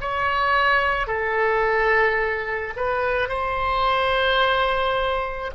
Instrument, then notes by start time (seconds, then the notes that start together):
oboe
0.00 C#5
1.07 A4
2.76 B4
3.28 C5